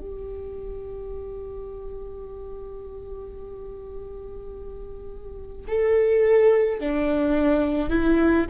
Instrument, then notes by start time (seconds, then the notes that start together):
viola
0.00 G4
5.68 A4
6.80 D4
7.90 E4